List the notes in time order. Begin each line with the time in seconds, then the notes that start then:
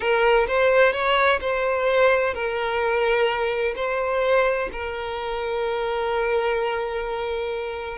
0.00 A#4
0.47 C5
0.92 C#5
1.40 C5
2.34 A#4
3.75 C5
4.72 A#4